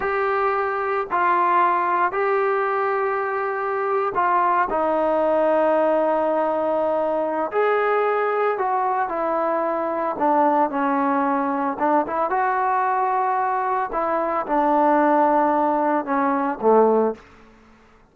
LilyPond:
\new Staff \with { instrumentName = "trombone" } { \time 4/4 \tempo 4 = 112 g'2 f'2 | g'2.~ g'8. f'16~ | f'8. dis'2.~ dis'16~ | dis'2 gis'2 |
fis'4 e'2 d'4 | cis'2 d'8 e'8 fis'4~ | fis'2 e'4 d'4~ | d'2 cis'4 a4 | }